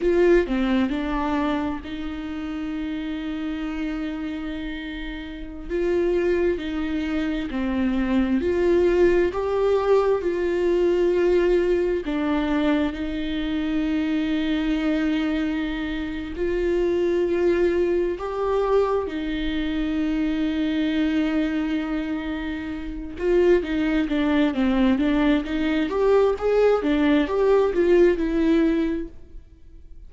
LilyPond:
\new Staff \with { instrumentName = "viola" } { \time 4/4 \tempo 4 = 66 f'8 c'8 d'4 dis'2~ | dis'2~ dis'16 f'4 dis'8.~ | dis'16 c'4 f'4 g'4 f'8.~ | f'4~ f'16 d'4 dis'4.~ dis'16~ |
dis'2 f'2 | g'4 dis'2.~ | dis'4. f'8 dis'8 d'8 c'8 d'8 | dis'8 g'8 gis'8 d'8 g'8 f'8 e'4 | }